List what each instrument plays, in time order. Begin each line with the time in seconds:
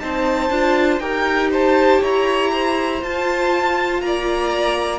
0.00 cello C4, viola D#4, violin C5 A5
0.50 cello D4, viola F4
0.99 cello D#4, viola G4, violin A#4 G5
1.51 violin C5 A5
2.01 cello E4, violin C#5 A#5
2.53 violin C5
3.01 viola F4, cello F4, violin A5
4.02 cello A#3, violin D5 A#5